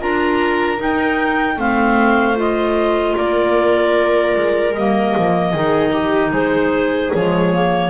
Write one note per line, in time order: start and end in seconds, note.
0.00 0.81 D4
0.00 0.77 F4
0.00 1.58 A#4
0.00 0.81 A#5
0.77 1.56 D#4
0.77 1.57 D#4
0.77 1.60 G5
1.57 3.15 A3
1.57 2.36 C4
1.57 3.16 C5
1.57 2.38 F5
2.36 4.73 F4
2.36 3.17 D#5
3.16 4.36 A#3
3.16 5.53 A#4
3.16 4.74 D5
4.36 4.75 G#3
4.74 5.15 G3
4.74 5.54 A#3
4.74 6.32 D#5
5.17 5.54 F3
5.53 6.32 D#3
5.53 7.12 D#4
5.53 5.92 G#4
5.92 6.32 G4
6.32 7.11 G#3
6.32 7.90 G#4
6.32 7.12 C5
7.14 7.91 F3
7.14 7.53 G#3
7.14 7.91 C#5
7.53 7.91 A#3